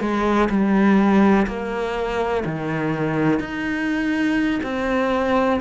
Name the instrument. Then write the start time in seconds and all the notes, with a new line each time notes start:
cello
0.00 G#3
0.49 G3
1.46 A#3
2.45 D#3
3.39 D#4
4.63 C4